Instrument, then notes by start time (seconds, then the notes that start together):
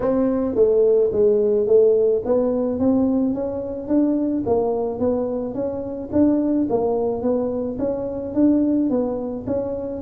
tuba
0.00 C4
0.55 A3
1.12 G#3
1.66 A3
2.25 B3
2.79 C4
3.34 C#4
3.88 D4
4.45 A#3
4.99 B3
5.54 C#4
6.12 D4
6.69 A#3
7.22 B3
7.78 C#4
8.34 D4
8.90 B3
9.46 C#4